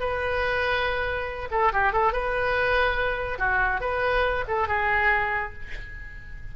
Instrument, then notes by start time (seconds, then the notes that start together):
oboe
0.00 B4
1.51 A4
1.73 G4
1.93 A4
2.13 B4
3.38 F#4
3.81 B4
4.48 A4
4.68 G#4